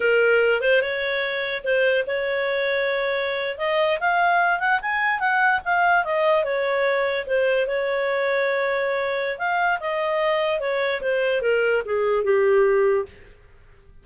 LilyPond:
\new Staff \with { instrumentName = "clarinet" } { \time 4/4 \tempo 4 = 147 ais'4. c''8 cis''2 | c''4 cis''2.~ | cis''8. dis''4 f''4. fis''8 gis''16~ | gis''8. fis''4 f''4 dis''4 cis''16~ |
cis''4.~ cis''16 c''4 cis''4~ cis''16~ | cis''2. f''4 | dis''2 cis''4 c''4 | ais'4 gis'4 g'2 | }